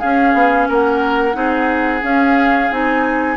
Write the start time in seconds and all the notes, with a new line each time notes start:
0.00 C#4 G#4 F5
0.34 B3
0.69 A#3 A#4 F#5
1.33 C4 D#4 G#4
2.02 C#4 F5
2.71 C4 D#4 G#5